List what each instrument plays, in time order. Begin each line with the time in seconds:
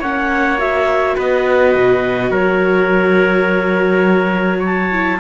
0.00 cello A#3, viola C#4, trumpet C#5, clarinet F#5
0.59 viola F#4, clarinet E5
1.16 cello B3, trumpet B4, clarinet D#5
1.76 cello B2
2.31 cello F#3, trumpet A#4, clarinet C#5
4.60 trumpet C#5, clarinet A5
4.92 viola E4